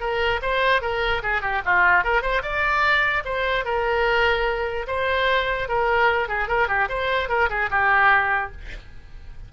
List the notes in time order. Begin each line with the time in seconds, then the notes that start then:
0.00 A#4
0.42 C5
0.82 A#4
1.23 G#4
1.42 G4
1.65 F4
2.04 A#4
2.22 C5
2.42 D5
3.25 C5
3.65 A#4
4.87 C5
5.68 A#4
6.28 G#4
6.48 A#4
6.68 G4
6.89 C5
7.29 A#4
7.49 G#4
7.71 G4